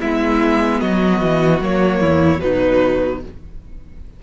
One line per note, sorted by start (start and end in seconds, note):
0.00 0.82 G#3
0.00 1.62 B3
0.00 0.80 E4
0.00 0.80 E5
0.80 1.21 F#3
0.80 2.01 F#4
0.80 1.60 D#5
1.21 1.61 E3
1.61 2.01 F#3
1.61 2.40 A#3
1.61 2.41 C#5
2.01 2.42 E2
2.01 2.41 E4
2.40 3.23 B2
2.40 3.20 F#3
2.40 3.23 D#4
2.40 3.21 B4